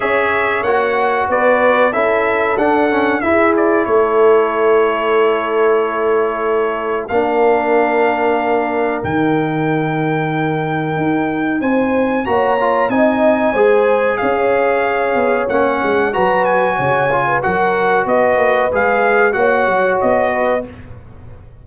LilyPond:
<<
  \new Staff \with { instrumentName = "trumpet" } { \time 4/4 \tempo 4 = 93 e''4 fis''4 d''4 e''4 | fis''4 e''8 d''8 cis''2~ | cis''2. f''4~ | f''2 g''2~ |
g''2 gis''4 ais''4 | gis''2 f''2 | fis''4 ais''8 gis''4. fis''4 | dis''4 f''4 fis''4 dis''4 | }
  \new Staff \with { instrumentName = "horn" } { \time 4/4 cis''2 b'4 a'4~ | a'4 gis'4 a'2~ | a'2. ais'4~ | ais'1~ |
ais'2 c''4 cis''4 | dis''4 c''4 cis''2~ | cis''4 b'4 cis''8. b'16 ais'4 | b'2 cis''4. b'8 | }
  \new Staff \with { instrumentName = "trombone" } { \time 4/4 gis'4 fis'2 e'4 | d'8 cis'8 e'2.~ | e'2. d'4~ | d'2 dis'2~ |
dis'2. fis'8 f'8 | dis'4 gis'2. | cis'4 fis'4. f'8 fis'4~ | fis'4 gis'4 fis'2 | }
  \new Staff \with { instrumentName = "tuba" } { \time 4/4 cis'4 ais4 b4 cis'4 | d'4 e'4 a2~ | a2. ais4~ | ais2 dis2~ |
dis4 dis'4 c'4 ais4 | c'4 gis4 cis'4. b8 | ais8 gis8 fis4 cis4 fis4 | b8 ais8 gis4 ais8 fis8 b4 | }
>>